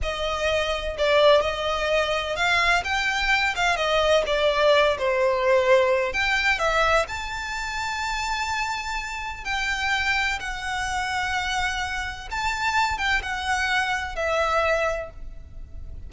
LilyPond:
\new Staff \with { instrumentName = "violin" } { \time 4/4 \tempo 4 = 127 dis''2 d''4 dis''4~ | dis''4 f''4 g''4. f''8 | dis''4 d''4. c''4.~ | c''4 g''4 e''4 a''4~ |
a''1 | g''2 fis''2~ | fis''2 a''4. g''8 | fis''2 e''2 | }